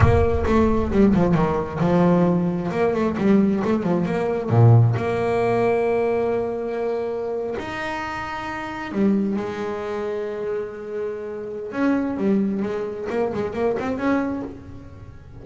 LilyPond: \new Staff \with { instrumentName = "double bass" } { \time 4/4 \tempo 4 = 133 ais4 a4 g8 f8 dis4 | f2 ais8 a8 g4 | a8 f8 ais4 ais,4 ais4~ | ais1~ |
ais8. dis'2. g16~ | g8. gis2.~ gis16~ | gis2 cis'4 g4 | gis4 ais8 gis8 ais8 c'8 cis'4 | }